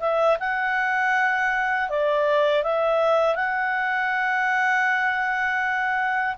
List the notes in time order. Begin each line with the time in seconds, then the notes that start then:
0.00 E5
0.40 F#5
1.90 D5
2.64 E5
3.35 F#5